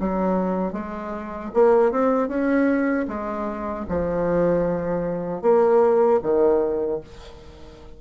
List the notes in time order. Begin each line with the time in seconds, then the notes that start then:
0.00 F#3
0.73 G#3
1.54 A#3
1.92 C4
2.28 C#4
3.08 G#3
3.89 F3
5.42 A#3
6.23 D#3